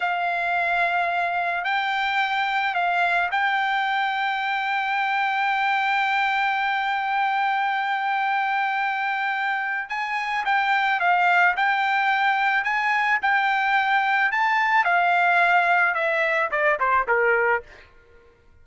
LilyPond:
\new Staff \with { instrumentName = "trumpet" } { \time 4/4 \tempo 4 = 109 f''2. g''4~ | g''4 f''4 g''2~ | g''1~ | g''1~ |
g''2 gis''4 g''4 | f''4 g''2 gis''4 | g''2 a''4 f''4~ | f''4 e''4 d''8 c''8 ais'4 | }